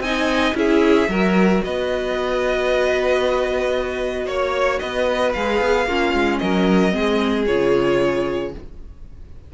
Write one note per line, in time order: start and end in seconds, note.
0.00 0.53 C4
0.00 0.55 D#4
0.00 0.57 D#5
0.00 0.55 G#5
0.55 1.08 C#4
0.55 1.08 E4
0.55 1.11 G#4
0.55 1.64 E5
1.09 1.62 F#3
1.09 5.35 F#4
1.09 1.64 A#4
1.64 4.27 B3
1.64 4.26 B4
1.64 4.28 D#5
4.26 4.80 A#3
4.26 4.79 C#5
4.26 4.80 C#5
4.80 5.36 B3
4.80 5.88 B4
4.80 5.33 D#5
5.34 5.61 G#3
5.34 5.89 G#4
5.34 6.39 F5
5.61 5.87 B3
5.87 6.13 A#3
5.87 6.92 C#4
5.87 6.41 F4
6.14 6.40 G#3
6.39 6.95 F#3
6.39 6.94 A#4
6.39 7.45 D#5
6.92 7.48 G#3
6.92 7.45 C4
6.92 8.53 G#4
7.47 8.55 C#3
7.47 8.54 F4
7.47 8.53 C#5